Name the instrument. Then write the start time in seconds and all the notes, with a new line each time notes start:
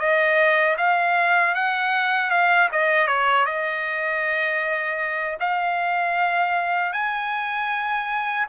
trumpet
0.00 D#5
0.78 F5
1.55 F#5
2.31 F5
2.73 D#5
3.08 C#5
3.46 D#5
5.41 F5
6.93 G#5